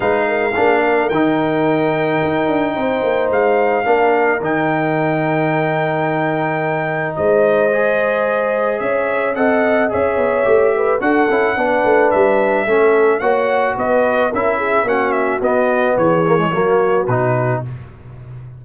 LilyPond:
<<
  \new Staff \with { instrumentName = "trumpet" } { \time 4/4 \tempo 4 = 109 f''2 g''2~ | g''2 f''2 | g''1~ | g''4 dis''2. |
e''4 fis''4 e''2 | fis''2 e''2 | fis''4 dis''4 e''4 fis''8 e''8 | dis''4 cis''2 b'4 | }
  \new Staff \with { instrumentName = "horn" } { \time 4/4 b'8 ais'8 gis'8 ais'2~ ais'8~ | ais'4 c''2 ais'4~ | ais'1~ | ais'4 c''2. |
cis''4 dis''4 cis''4. b'8 | a'4 b'2 a'4 | cis''4 b'4 ais'8 gis'8 fis'4~ | fis'4 gis'4 fis'2 | }
  \new Staff \with { instrumentName = "trombone" } { \time 4/4 dis'4 d'4 dis'2~ | dis'2. d'4 | dis'1~ | dis'2 gis'2~ |
gis'4 a'4 gis'4 g'4 | fis'8 e'8 d'2 cis'4 | fis'2 e'4 cis'4 | b4. ais16 gis16 ais4 dis'4 | }
  \new Staff \with { instrumentName = "tuba" } { \time 4/4 gis4 ais4 dis2 | dis'8 d'8 c'8 ais8 gis4 ais4 | dis1~ | dis4 gis2. |
cis'4 c'4 cis'8 b8 a4 | d'8 cis'8 b8 a8 g4 a4 | ais4 b4 cis'4 ais4 | b4 e4 fis4 b,4 | }
>>